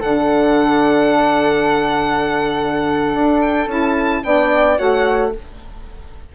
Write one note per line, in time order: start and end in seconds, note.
0.00 3.15 D3
0.00 3.68 D4
0.00 4.23 A4
0.00 3.41 F#5
3.15 3.67 D4
3.41 3.68 G5
3.67 4.22 C#4
3.67 4.23 E4
3.67 4.24 A5
4.24 4.79 B3
4.24 4.78 D4
4.24 4.78 D5
4.24 4.78 G5
4.78 5.35 A3
4.78 5.33 F#4
4.78 5.33 C#5
4.78 5.33 F#5